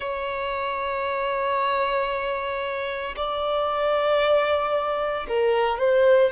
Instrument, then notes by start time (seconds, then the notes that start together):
violin
0.00 C#5
3.16 D5
5.27 A#4
5.78 C5